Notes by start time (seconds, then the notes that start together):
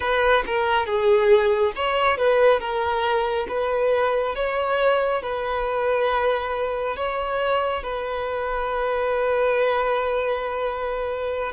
0.00 B4
0.46 A#4
0.85 G#4
1.75 C#5
2.17 B4
2.59 A#4
3.48 B4
4.35 C#5
5.22 B4
6.96 C#5
7.83 B4